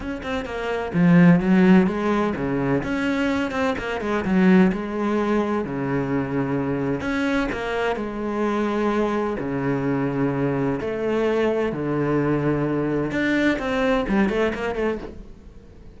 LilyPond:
\new Staff \with { instrumentName = "cello" } { \time 4/4 \tempo 4 = 128 cis'8 c'8 ais4 f4 fis4 | gis4 cis4 cis'4. c'8 | ais8 gis8 fis4 gis2 | cis2. cis'4 |
ais4 gis2. | cis2. a4~ | a4 d2. | d'4 c'4 g8 a8 ais8 a8 | }